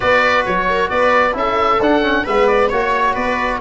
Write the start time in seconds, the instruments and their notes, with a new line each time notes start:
0.00 tuba B3, trombone F#4, viola B4, oboe D5
0.45 tuba F#3, oboe C#5
0.68 viola A#4
0.89 tuba B3, viola B4, oboe D5
1.32 tuba C#4, trombone E4, viola A4, oboe E5
1.80 tuba D4, trombone D4, oboe F#5
2.02 trombone C#4
2.24 tuba G#3, trombone B3, viola B4, oboe E5
2.47 oboe D5
2.69 tuba A#3, trombone F#4, viola C#5, oboe C#5
3.13 tuba B3, viola B4, oboe D5